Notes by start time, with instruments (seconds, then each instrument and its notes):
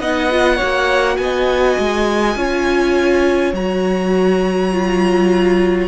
0.00 cello B3, viola D#4, violin D#5 F#5
0.30 viola F4
0.56 viola F#4, violin C#5
0.62 cello A#3
1.17 cello B3, violin D#5 G#5
1.78 cello G#3
2.35 cello C#4, viola F4, violin C#5
3.53 cello F#3, viola F#4, violin A#5
4.71 viola F4